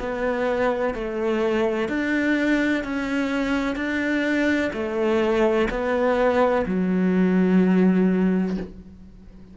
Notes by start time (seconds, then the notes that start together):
0.00 B3
0.95 A3
1.89 D4
2.84 C#4
3.76 D4
4.73 A3
5.71 B3
6.67 F#3